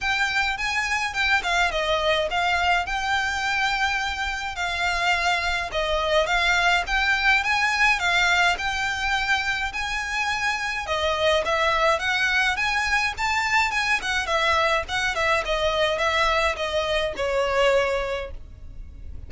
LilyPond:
\new Staff \with { instrumentName = "violin" } { \time 4/4 \tempo 4 = 105 g''4 gis''4 g''8 f''8 dis''4 | f''4 g''2. | f''2 dis''4 f''4 | g''4 gis''4 f''4 g''4~ |
g''4 gis''2 dis''4 | e''4 fis''4 gis''4 a''4 | gis''8 fis''8 e''4 fis''8 e''8 dis''4 | e''4 dis''4 cis''2 | }